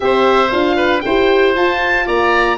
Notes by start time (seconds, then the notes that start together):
0.00 C4 G4 C5 E5
0.51 D4 F4 F5
0.76 B4
1.00 E4 C5 G5
1.07 G4
1.55 F4 A5
2.06 A#3 D5 A#5